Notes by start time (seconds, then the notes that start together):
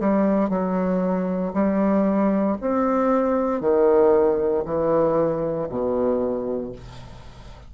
0.00 G3
0.49 F#3
1.54 G3
2.61 C4
3.61 D#3
4.65 E3
5.69 B2